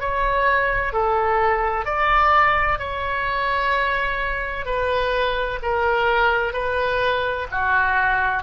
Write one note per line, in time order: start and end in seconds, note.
0.00 0.92 C#5
0.92 1.85 A4
1.85 2.79 D5
2.79 4.65 C#5
4.65 5.59 B4
5.62 6.53 A#4
6.53 7.47 B4
7.51 8.42 F#4